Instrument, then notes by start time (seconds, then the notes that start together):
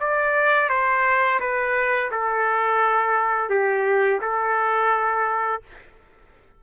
trumpet
0.00 D5
0.69 C5
1.40 B4
2.11 A4
3.49 G4
4.21 A4